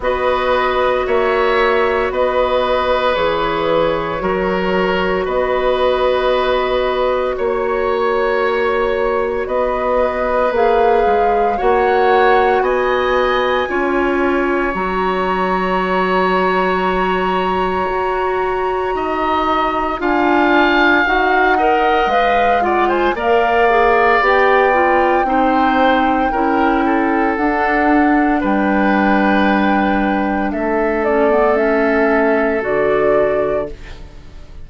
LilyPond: <<
  \new Staff \with { instrumentName = "flute" } { \time 4/4 \tempo 4 = 57 dis''4 e''4 dis''4 cis''4~ | cis''4 dis''2 cis''4~ | cis''4 dis''4 f''4 fis''4 | gis''2 ais''2~ |
ais''2. gis''4 | fis''4 f''8 fis''16 gis''16 f''4 g''4~ | g''2 fis''4 g''4~ | g''4 e''8 d''8 e''4 d''4 | }
  \new Staff \with { instrumentName = "oboe" } { \time 4/4 b'4 cis''4 b'2 | ais'4 b'2 cis''4~ | cis''4 b'2 cis''4 | dis''4 cis''2.~ |
cis''2 dis''4 f''4~ | f''8 dis''4 d''16 c''16 d''2 | c''4 ais'8 a'4. b'4~ | b'4 a'2. | }
  \new Staff \with { instrumentName = "clarinet" } { \time 4/4 fis'2. gis'4 | fis'1~ | fis'2 gis'4 fis'4~ | fis'4 f'4 fis'2~ |
fis'2. f'4 | fis'8 ais'8 b'8 f'8 ais'8 gis'8 g'8 f'8 | dis'4 e'4 d'2~ | d'4. cis'16 b16 cis'4 fis'4 | }
  \new Staff \with { instrumentName = "bassoon" } { \time 4/4 b4 ais4 b4 e4 | fis4 b2 ais4~ | ais4 b4 ais8 gis8 ais4 | b4 cis'4 fis2~ |
fis4 fis'4 dis'4 d'4 | dis'4 gis4 ais4 b4 | c'4 cis'4 d'4 g4~ | g4 a2 d4 | }
>>